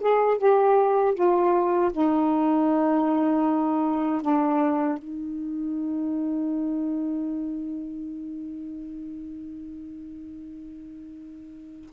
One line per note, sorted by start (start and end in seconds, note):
0.00 0.37 G#4
0.37 1.14 G4
1.14 1.91 F4
1.92 4.22 D#4
4.22 4.98 D4
4.98 11.90 D#4